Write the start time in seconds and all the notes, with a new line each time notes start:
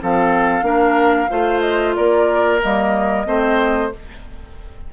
0.00 F3 C4 A4 F5
0.62 A#3 D4 A#4
1.30 A3 F4 C5
1.61 D#5
1.95 A#3 A#4 D5
2.61 G3 A#3 D#5
3.25 A3 C4 C5